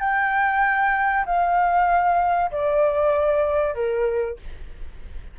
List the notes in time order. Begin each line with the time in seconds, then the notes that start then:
0.00 G5
1.26 F5
2.51 D5
3.74 A#4